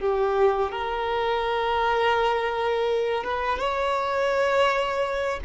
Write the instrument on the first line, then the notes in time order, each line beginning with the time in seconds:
violin
0.00 G4
0.72 A#4
3.24 B4
3.59 C#5